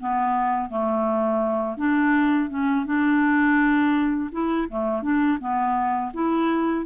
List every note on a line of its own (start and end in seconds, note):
0.00 0.70 B3
0.70 1.77 A3
1.77 2.49 D4
2.49 2.86 C#4
2.86 4.30 D4
4.32 4.68 E4
4.69 5.02 A3
5.02 5.39 D4
5.40 6.12 B3
6.13 6.85 E4